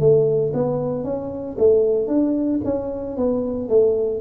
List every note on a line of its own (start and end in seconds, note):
0.00 0.53 A3
0.54 1.04 B3
1.04 1.57 C#4
1.58 2.08 A3
2.08 2.60 D4
2.64 3.17 C#4
3.17 3.69 B3
3.69 4.21 A3